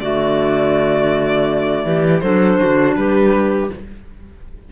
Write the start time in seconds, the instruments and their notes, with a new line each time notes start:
0.00 cello D3, clarinet A3 F#4, violin D5
1.85 cello E3, clarinet G4
2.20 cello F#3, clarinet D4 A4, violin C5
2.59 cello D3, clarinet F#4
2.96 cello G3, clarinet G4, violin B4